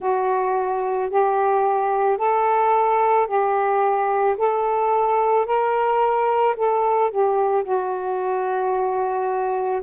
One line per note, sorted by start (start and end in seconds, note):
0.00 1.10 F#4
1.10 2.17 G4
2.17 3.26 A4
3.26 4.35 G4
4.37 5.45 A4
5.45 6.55 A#4
6.56 7.11 A4
7.11 7.63 G4
7.63 9.81 F#4